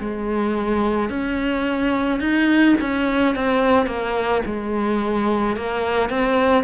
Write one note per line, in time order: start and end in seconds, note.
0.00 1.10 G#3
1.10 2.20 C#4
2.20 2.76 D#4
2.81 3.36 C#4
3.36 3.86 C4
3.86 4.42 A#3
4.46 5.57 G#3
5.57 6.10 A#3
6.10 6.64 C4